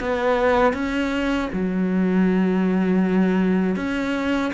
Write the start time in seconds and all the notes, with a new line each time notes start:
0.00 B3
0.73 C#4
1.53 F#3
3.76 C#4